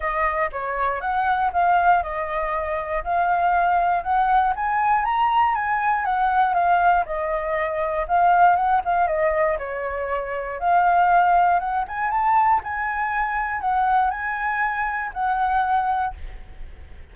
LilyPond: \new Staff \with { instrumentName = "flute" } { \time 4/4 \tempo 4 = 119 dis''4 cis''4 fis''4 f''4 | dis''2 f''2 | fis''4 gis''4 ais''4 gis''4 | fis''4 f''4 dis''2 |
f''4 fis''8 f''8 dis''4 cis''4~ | cis''4 f''2 fis''8 gis''8 | a''4 gis''2 fis''4 | gis''2 fis''2 | }